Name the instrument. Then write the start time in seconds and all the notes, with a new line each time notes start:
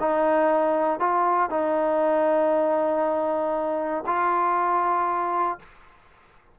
trombone
0.00 D#4
1.00 F4
1.50 D#4
4.07 F4